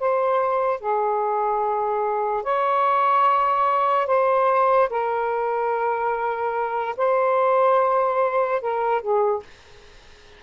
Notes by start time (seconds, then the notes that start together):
0.00 C5
0.81 G#4
2.44 C#5
4.07 C5
4.90 A#4
6.97 C5
8.62 A#4
9.02 G#4